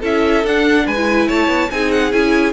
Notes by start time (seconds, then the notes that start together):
0.00 C#4 E4 A4 E5
0.44 D4 F#5
0.87 G#3 B4 G#5
0.96 E4
1.28 A3 C#5 A5
1.48 B3
1.71 C4 D#4 G#4 G#5
1.92 F#5
2.12 C#4 E4 G#5